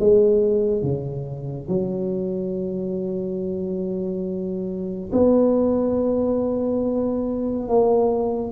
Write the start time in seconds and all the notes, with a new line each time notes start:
0.00 G#3
0.83 C#3
1.68 F#3
5.12 B3
7.69 A#3